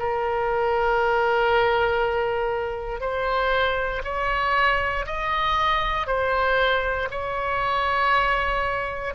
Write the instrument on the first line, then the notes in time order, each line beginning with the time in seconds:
oboe
0.00 A#4
3.01 C5
4.04 C#5
5.07 D#5
6.07 C5
7.11 C#5